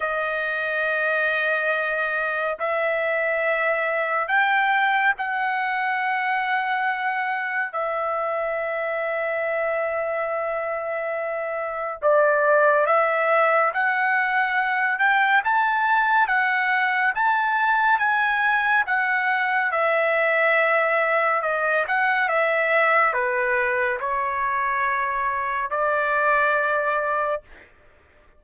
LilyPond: \new Staff \with { instrumentName = "trumpet" } { \time 4/4 \tempo 4 = 70 dis''2. e''4~ | e''4 g''4 fis''2~ | fis''4 e''2.~ | e''2 d''4 e''4 |
fis''4. g''8 a''4 fis''4 | a''4 gis''4 fis''4 e''4~ | e''4 dis''8 fis''8 e''4 b'4 | cis''2 d''2 | }